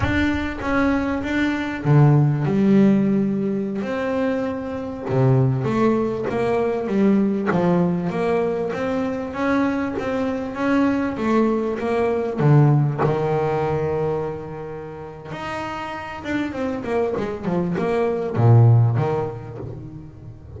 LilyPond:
\new Staff \with { instrumentName = "double bass" } { \time 4/4 \tempo 4 = 98 d'4 cis'4 d'4 d4 | g2~ g16 c'4.~ c'16~ | c'16 c4 a4 ais4 g8.~ | g16 f4 ais4 c'4 cis'8.~ |
cis'16 c'4 cis'4 a4 ais8.~ | ais16 d4 dis2~ dis8.~ | dis4 dis'4. d'8 c'8 ais8 | gis8 f8 ais4 ais,4 dis4 | }